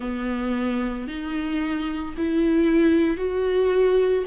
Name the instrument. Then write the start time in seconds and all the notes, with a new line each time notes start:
viola
0.00 B3
1.07 D#4
2.17 E4
3.17 F#4